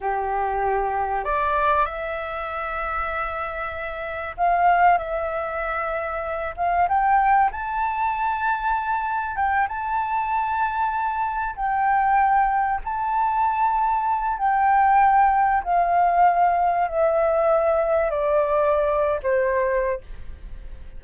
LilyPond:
\new Staff \with { instrumentName = "flute" } { \time 4/4 \tempo 4 = 96 g'2 d''4 e''4~ | e''2. f''4 | e''2~ e''8 f''8 g''4 | a''2. g''8 a''8~ |
a''2~ a''8 g''4.~ | g''8 a''2~ a''8 g''4~ | g''4 f''2 e''4~ | e''4 d''4.~ d''16 c''4~ c''16 | }